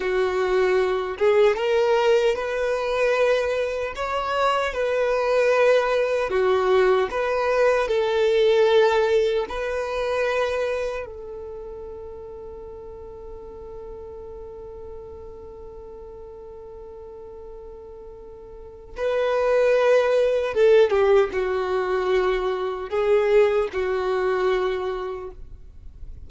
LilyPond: \new Staff \with { instrumentName = "violin" } { \time 4/4 \tempo 4 = 76 fis'4. gis'8 ais'4 b'4~ | b'4 cis''4 b'2 | fis'4 b'4 a'2 | b'2 a'2~ |
a'1~ | a'1 | b'2 a'8 g'8 fis'4~ | fis'4 gis'4 fis'2 | }